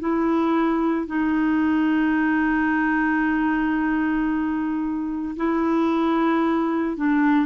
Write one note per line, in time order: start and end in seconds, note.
0.00 1.07 E4
1.07 5.36 D#4
5.37 6.97 E4
6.97 7.46 D4